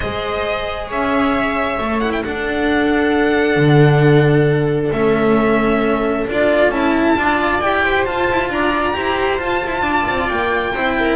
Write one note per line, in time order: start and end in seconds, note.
0.00 0.91 G#3
0.00 1.77 G#4
0.00 0.87 C5
0.00 0.87 D#5
0.87 1.78 C#4
0.87 2.21 C#5
0.87 2.00 E5
1.78 2.23 A3
1.78 2.01 A4
2.00 2.23 E4
2.00 2.11 F#5
2.12 2.23 G5
2.21 4.93 D4
2.21 7.14 A4
2.21 4.91 F#5
2.28 3.56 D4
3.56 4.90 D3
4.91 6.26 A3
4.91 6.28 C#4
4.91 6.25 E5
6.27 6.69 D4
6.27 6.71 F4
6.27 6.71 D5
6.69 7.13 C#4
6.69 7.16 E4
6.69 7.60 A5
7.16 7.61 D4
7.16 7.61 F4
7.16 7.83 D5
7.60 8.05 E4
7.60 8.06 G4
7.60 8.05 G5
7.83 8.50 C5
8.05 8.93 F4
8.05 8.29 F4
8.05 8.50 A5
8.30 8.49 E4
8.49 8.93 D4
8.49 8.96 D5
8.49 9.39 A#5
8.93 9.40 E4
8.93 9.37 G4
8.93 9.82 C5
9.37 10.72 F4
9.37 9.63 F4
9.37 10.28 A5
9.66 9.81 E4
9.81 10.03 D4
9.81 10.72 D5
10.07 10.30 C4
10.28 10.74 A#3
10.28 11.16 G5
10.73 11.16 C4
10.73 11.16 E4
10.73 10.96 C5
10.98 11.16 A#4